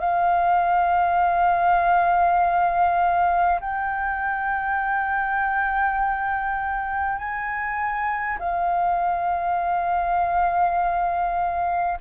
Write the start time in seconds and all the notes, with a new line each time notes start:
0.00 F5
3.61 G5
7.18 G#5
8.39 F5